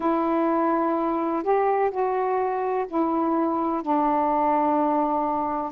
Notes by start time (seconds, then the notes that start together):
0.00 E4
1.43 G4
1.90 F#4
2.87 E4
3.82 D4